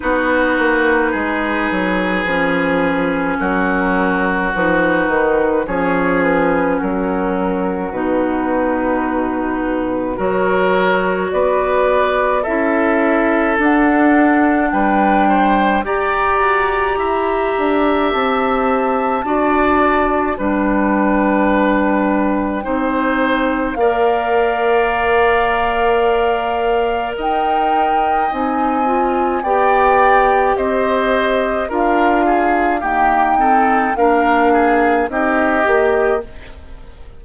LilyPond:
<<
  \new Staff \with { instrumentName = "flute" } { \time 4/4 \tempo 4 = 53 b'2. ais'4 | b'4 cis''8 b'8 ais'4 b'4~ | b'4 cis''4 d''4 e''4 | fis''4 g''4 ais''2 |
a''2 g''2~ | g''4 f''2. | g''4 gis''4 g''4 dis''4 | f''4 g''4 f''4 dis''4 | }
  \new Staff \with { instrumentName = "oboe" } { \time 4/4 fis'4 gis'2 fis'4~ | fis'4 gis'4 fis'2~ | fis'4 ais'4 b'4 a'4~ | a'4 b'8 c''8 d''4 e''4~ |
e''4 d''4 b'2 | c''4 d''2. | dis''2 d''4 c''4 | ais'8 gis'8 g'8 a'8 ais'8 gis'8 g'4 | }
  \new Staff \with { instrumentName = "clarinet" } { \time 4/4 dis'2 cis'2 | dis'4 cis'2 dis'4~ | dis'4 fis'2 e'4 | d'2 g'2~ |
g'4 fis'4 d'2 | dis'4 ais'2.~ | ais'4 dis'8 f'8 g'2 | f'4 ais8 c'8 d'4 dis'8 g'8 | }
  \new Staff \with { instrumentName = "bassoon" } { \time 4/4 b8 ais8 gis8 fis8 f4 fis4 | f8 dis8 f4 fis4 b,4~ | b,4 fis4 b4 cis'4 | d'4 g4 g'8 fis'8 e'8 d'8 |
c'4 d'4 g2 | c'4 ais2. | dis'4 c'4 b4 c'4 | d'4 dis'4 ais4 c'8 ais8 | }
>>